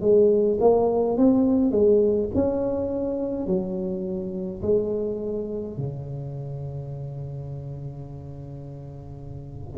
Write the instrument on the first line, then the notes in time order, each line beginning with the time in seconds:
tuba
0.00 G#3
0.60 A#3
1.17 C4
1.71 G#3
2.34 C#4
3.46 F#3
4.62 G#3
5.77 C#3